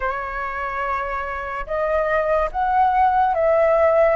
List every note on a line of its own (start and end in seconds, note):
0.00 1.66 C#5
1.66 2.49 D#5
2.51 3.34 F#5
3.34 4.16 E5